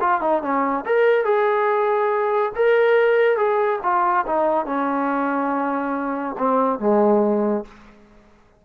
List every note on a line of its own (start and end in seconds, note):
0.00 0.21 F4
0.21 0.42 D#4
0.42 0.85 C#4
0.85 1.24 A#4
1.24 2.52 G#4
2.55 3.37 A#4
3.37 3.79 G#4
3.83 4.25 F4
4.26 4.66 D#4
4.66 6.36 C#4
6.38 6.79 C4
6.79 7.64 G#3